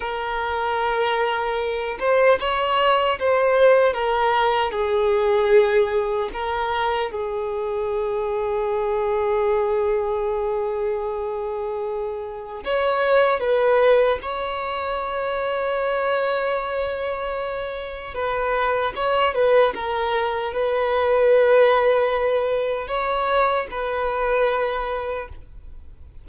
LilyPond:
\new Staff \with { instrumentName = "violin" } { \time 4/4 \tempo 4 = 76 ais'2~ ais'8 c''8 cis''4 | c''4 ais'4 gis'2 | ais'4 gis'2.~ | gis'1 |
cis''4 b'4 cis''2~ | cis''2. b'4 | cis''8 b'8 ais'4 b'2~ | b'4 cis''4 b'2 | }